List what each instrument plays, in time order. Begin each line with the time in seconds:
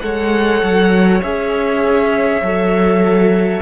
0.00 cello G#3, viola A4, violin C#5 F#5
0.61 cello F#3
1.22 cello C#4, viola G#4, violin E5
2.41 cello F#3, viola A4